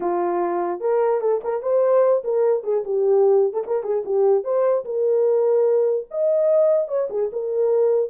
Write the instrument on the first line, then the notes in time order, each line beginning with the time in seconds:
horn
0.00 F4
0.80 A#4
1.21 A4
1.43 A#4
1.62 C5
2.24 A#4
2.63 G#4
2.84 G4
3.53 A4
3.66 A#4
3.83 G#4
4.05 G4
4.43 C5
4.84 A#4
6.11 D#5
6.88 C#5
7.10 G#4
7.32 A#4